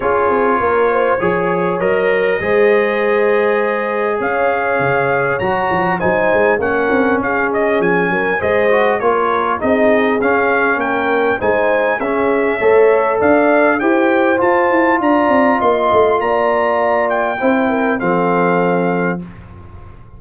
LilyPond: <<
  \new Staff \with { instrumentName = "trumpet" } { \time 4/4 \tempo 4 = 100 cis''2. dis''4~ | dis''2. f''4~ | f''4 ais''4 gis''4 fis''4 | f''8 dis''8 gis''4 dis''4 cis''4 |
dis''4 f''4 g''4 gis''4 | e''2 f''4 g''4 | a''4 ais''4 c'''4 ais''4~ | ais''8 g''4. f''2 | }
  \new Staff \with { instrumentName = "horn" } { \time 4/4 gis'4 ais'8 c''8 cis''2 | c''2. cis''4~ | cis''2 c''4 ais'4 | gis'4. ais'8 c''4 ais'4 |
gis'2 ais'4 c''4 | gis'4 cis''4 d''4 c''4~ | c''4 d''4 dis''4 d''4~ | d''4 c''8 ais'8 a'2 | }
  \new Staff \with { instrumentName = "trombone" } { \time 4/4 f'2 gis'4 ais'4 | gis'1~ | gis'4 fis'4 dis'4 cis'4~ | cis'2 gis'8 fis'8 f'4 |
dis'4 cis'2 dis'4 | cis'4 a'2 g'4 | f'1~ | f'4 e'4 c'2 | }
  \new Staff \with { instrumentName = "tuba" } { \time 4/4 cis'8 c'8 ais4 f4 fis4 | gis2. cis'4 | cis4 fis8 f8 fis8 gis8 ais8 c'8 | cis'4 f8 fis8 gis4 ais4 |
c'4 cis'4 ais4 gis4 | cis'4 a4 d'4 e'4 | f'8 e'8 d'8 c'8 ais8 a8 ais4~ | ais4 c'4 f2 | }
>>